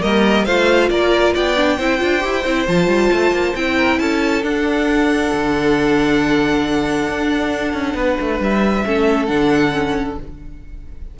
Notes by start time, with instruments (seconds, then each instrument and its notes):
0.00 cello G3, viola A#3, violin A#4 D#5
0.45 cello A3, viola F4, violin C5 F5
0.89 cello A#3, violin A#4 D5
1.34 cello B3, violin D5 G5
1.56 viola D4
1.77 cello C4, viola E4, violin C5
1.98 cello D4, viola F4
2.20 cello E4, viola G4
2.45 cello C4, viola E4
2.67 cello F3, viola F4, violin A5
2.87 cello G3
3.12 cello A3
3.31 cello A#3
3.55 cello C4, viola E4, violin G5
3.76 violin A#4
3.99 cello C#4, violin A4 A5
4.42 viola D4, cello D4, violin F#5
5.32 cello D3
7.08 cello D4
7.73 cello C#4
7.94 cello B3, violin B4
8.20 cello A3
8.40 cello G3, violin E5
8.85 cello A3, viola C#4, violin A4
9.26 cello D3, viola D4, violin F#5
9.71 viola C#4